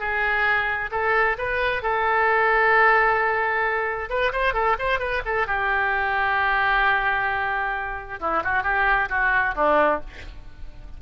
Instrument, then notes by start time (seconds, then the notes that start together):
oboe
0.00 G#4
0.92 A4
1.38 B4
1.83 A4
4.10 B4
4.33 C5
4.54 A4
4.80 C5
5.00 B4
5.26 A4
5.48 G4
8.20 E4
8.44 F#4
8.64 G4
9.10 F#4
9.56 D4